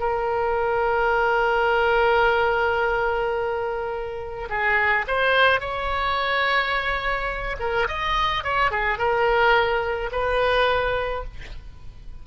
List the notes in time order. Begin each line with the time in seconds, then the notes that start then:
0.00 A#4
4.50 G#4
5.08 C5
5.60 C#5
7.60 A#4
7.88 D#5
8.44 C#5
8.71 G#4
8.98 A#4
10.12 B4